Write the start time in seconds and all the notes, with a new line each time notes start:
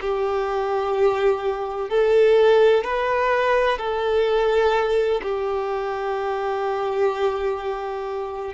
0.00 G4
1.89 A4
2.84 B4
3.78 A4
5.22 G4